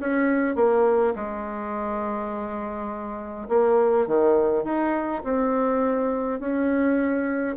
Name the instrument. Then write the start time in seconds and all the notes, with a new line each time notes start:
bassoon
0.00 C#4
0.55 A#3
1.15 G#3
3.49 A#3
4.07 D#3
4.64 D#4
5.24 C4
6.40 C#4